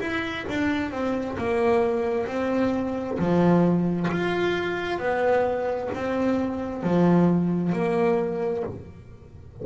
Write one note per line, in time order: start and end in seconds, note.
0.00 0.45 E4
0.49 0.92 D4
0.92 1.37 C4
1.38 2.27 A#3
2.27 3.18 C4
3.19 4.10 F3
4.11 4.98 F4
4.98 5.89 B3
5.95 6.83 C4
6.83 7.72 F3
7.72 8.63 A#3